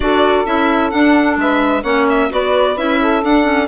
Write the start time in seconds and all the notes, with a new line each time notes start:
0.00 D4 F#4 A4 D5
0.45 C#4 E4 E5
0.90 D4 F#5
1.37 G#3 B4 E5
1.82 A#3 C#4 C#5 F#5
2.09 E5
2.30 B3 F#4 B4 D5
2.76 C#4 E4 E5
3.00 A4
3.23 D4 F#5
3.44 C#4